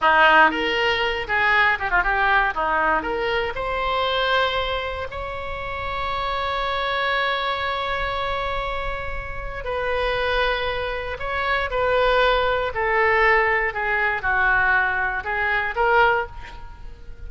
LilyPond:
\new Staff \with { instrumentName = "oboe" } { \time 4/4 \tempo 4 = 118 dis'4 ais'4. gis'4 g'16 f'16 | g'4 dis'4 ais'4 c''4~ | c''2 cis''2~ | cis''1~ |
cis''2. b'4~ | b'2 cis''4 b'4~ | b'4 a'2 gis'4 | fis'2 gis'4 ais'4 | }